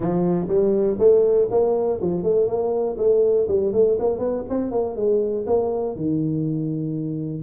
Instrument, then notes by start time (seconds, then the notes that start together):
tuba
0.00 F3
0.48 G3
0.98 A3
1.50 A#3
2.01 F3
2.23 A3
2.46 A#3
2.97 A3
3.48 G3
3.72 A3
3.99 A#3
4.19 B3
4.49 C4
4.71 A#3
4.96 G#3
5.46 A#3
5.96 D#3